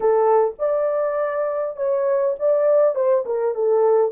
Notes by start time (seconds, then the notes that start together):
0.00 A4
0.59 D5
1.76 C#5
2.39 D5
2.95 C5
3.25 A#4
3.54 A4